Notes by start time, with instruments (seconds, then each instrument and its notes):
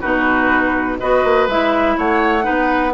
0.00 bassoon B2, clarinet D#4, oboe F#4, flute B4
0.99 bassoon B3, clarinet F#4, oboe B4, flute D#5
1.24 bassoon A#3
1.47 bassoon G#3, clarinet E4, flute E5
1.97 bassoon A3, oboe C#5, flute F#5
2.42 clarinet D#4, oboe B4
2.48 bassoon B3